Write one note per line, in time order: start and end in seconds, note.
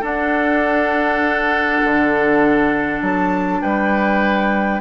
0.00 4.80 D4
0.00 1.82 D4
0.00 3.60 A4
0.00 3.02 F#5
1.83 3.01 D3
3.01 3.61 F#3
3.01 3.61 A5
3.61 4.80 G3
3.61 4.80 B4
3.61 4.80 G5